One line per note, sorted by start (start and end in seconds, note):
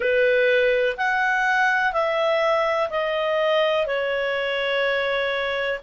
0.00 0.96 B4
0.97 1.92 F#5
1.92 2.89 E5
2.89 3.86 D#5
3.86 5.80 C#5